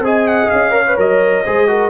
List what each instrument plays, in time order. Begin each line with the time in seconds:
0.00 tuba C4, trombone G#4, horn D#5
0.06 trumpet G#5
0.27 trumpet F#5
0.50 tuba C#4, trumpet F5
0.71 trombone A#4, horn C#5
0.88 trombone B4
0.97 tuba F#3, trombone A#4, trumpet D#5
1.45 tuba G#3, trombone G#4, horn C5
1.68 trombone F#4, horn A#4